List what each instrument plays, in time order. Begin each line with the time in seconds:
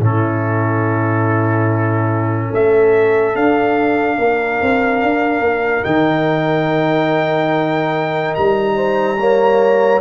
0.00 tuba A2, trombone C#4, horn E4, trumpet A4
2.50 tuba A3, horn A4, trumpet E5
3.35 trombone D4, tuba D4, trumpet F5
4.18 tuba A#3, horn A#4
4.62 tuba C4
5.03 tuba D4
5.40 tuba A#3
5.84 tuba D#3, trombone D#4, trumpet G5
8.35 tuba G3, trumpet A#5
8.76 horn C5
9.19 trombone A#3, horn C#5